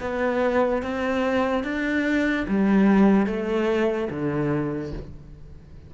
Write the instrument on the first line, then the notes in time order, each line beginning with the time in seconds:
cello
0.00 B3
0.82 C4
1.64 D4
2.48 G3
3.26 A3
4.10 D3